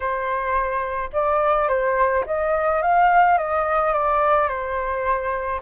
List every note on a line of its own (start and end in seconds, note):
0.00 1.10 C5
1.12 1.68 D5
1.68 2.24 C5
2.26 2.82 D#5
2.82 3.37 F5
3.37 3.93 D#5
3.93 4.48 D5
4.48 5.60 C5